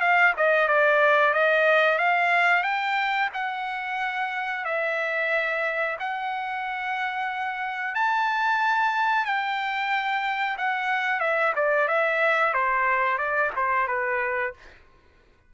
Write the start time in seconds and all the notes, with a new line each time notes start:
0.00 F5
0.36 D#5
0.68 D5
1.33 D#5
1.98 F5
2.63 G5
3.34 F#5
4.65 E5
5.99 F#5
7.95 A5
9.25 G5
10.57 F#5
11.20 E5
11.55 D5
11.88 E5
12.54 C5
13.18 D5
13.56 C5
13.88 B4